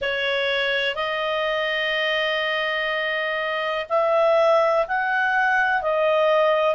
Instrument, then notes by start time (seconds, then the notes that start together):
clarinet
0.01 C#5
0.95 D#5
3.89 E5
4.87 F#5
5.82 D#5